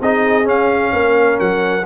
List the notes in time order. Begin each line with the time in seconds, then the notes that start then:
0.00 C4 D#4 G#4 D#5
0.44 C#4 F5
0.93 A#3 A#4
1.39 F#3 F#5